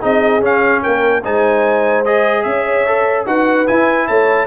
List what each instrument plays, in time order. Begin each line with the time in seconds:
0.00 tuba C4, trombone D#4, horn G#4, trumpet D#5
0.40 tuba C#4, trombone C#4, trumpet F5
0.82 tuba A#3, horn A#4, trumpet G5
1.23 tuba G#3, trombone D#4, horn C5, trumpet G#5
2.04 trombone G#4, trumpet D#5
2.43 tuba C#4, trumpet E5
2.49 horn C#5
2.86 trombone A4
3.26 tuba D#4, trombone F#4, horn B4, trumpet F#5
3.67 trombone E4, tuba E4, trumpet G#5
4.07 tuba A3, horn C#5, trumpet A5